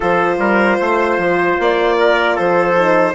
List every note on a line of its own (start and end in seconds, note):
0.00 0.38 F3
0.00 2.75 F4
0.00 0.38 A4
0.00 1.60 C5
0.38 0.78 G3
0.38 0.79 A#4
0.80 1.17 A3
0.80 1.98 C5
1.17 1.57 F3
1.59 2.38 A#3
1.59 2.37 D5
1.99 2.35 A#4
2.35 3.14 F3
2.35 3.14 A4
2.35 3.14 C5
2.76 3.14 D#4